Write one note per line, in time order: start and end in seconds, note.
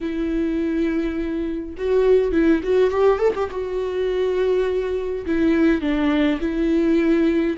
0.00 1.75 E4
1.77 2.32 F#4
2.32 2.61 E4
2.63 2.90 F#4
2.90 3.18 G4
3.18 3.33 A4
3.35 3.50 G4
3.50 5.25 F#4
5.26 5.81 E4
5.81 6.39 D4
6.40 7.56 E4